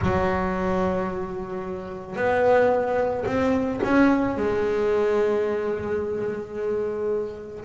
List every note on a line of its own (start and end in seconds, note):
0.01 2.15 F#3
2.15 3.25 B3
3.26 3.80 C4
3.83 4.37 C#4
4.37 7.64 G#3